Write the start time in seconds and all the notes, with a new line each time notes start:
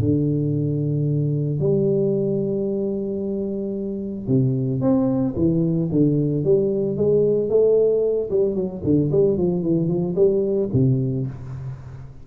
0.00 D3
1.59 G3
4.27 C3
4.80 C4
5.36 E3
5.91 D3
6.44 G3
6.97 G#3
7.49 A3
8.30 G3
8.55 F#3
8.84 D3
9.11 G3
9.37 F3
9.62 E3
9.88 F3
10.15 G3
10.73 C3